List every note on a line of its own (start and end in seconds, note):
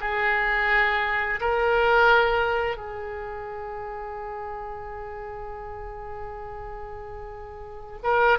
0.00 1.40 G#4
1.40 2.77 A#4
2.77 8.00 G#4
8.03 8.38 A#4